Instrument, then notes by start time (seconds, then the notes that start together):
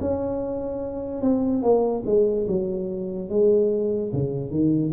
tuba
0.00 C#4
1.21 C4
1.62 A#3
2.05 G#3
2.47 F#3
3.29 G#3
4.12 C#3
4.50 D#3